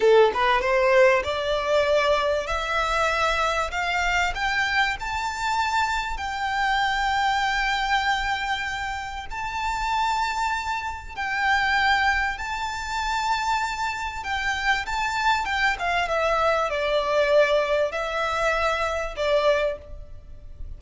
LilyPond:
\new Staff \with { instrumentName = "violin" } { \time 4/4 \tempo 4 = 97 a'8 b'8 c''4 d''2 | e''2 f''4 g''4 | a''2 g''2~ | g''2. a''4~ |
a''2 g''2 | a''2. g''4 | a''4 g''8 f''8 e''4 d''4~ | d''4 e''2 d''4 | }